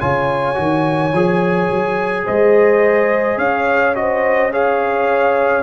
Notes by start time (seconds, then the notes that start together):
0.00 C#3 F4 C#5 G#5
0.54 D#3 F#4
1.12 F3 G#4
1.70 F#3
2.25 G#3 C5 D#5
3.37 C#4 C#5 F5
3.95 F#4 C5 D#5
4.52 G#4 C#5 F5